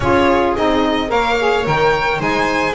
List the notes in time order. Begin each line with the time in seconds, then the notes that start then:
0.00 C#4 F4 G#4 C#5
0.56 C4 D#4 D#5
1.08 A#3 A#4 C#5 F5
1.40 G#4
1.64 D#3 A#4 G5
2.19 G#3 D#4 C5 G#5